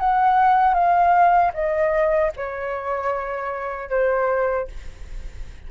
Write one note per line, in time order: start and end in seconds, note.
0.00 0.74 F#5
0.74 1.52 F5
1.54 2.32 D#5
2.37 3.90 C#5
3.90 4.68 C5